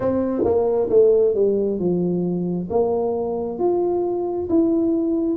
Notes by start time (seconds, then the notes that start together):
0.00 C4
0.44 A#3
0.90 A3
1.34 G3
1.79 F3
2.69 A#3
3.59 F4
4.49 E4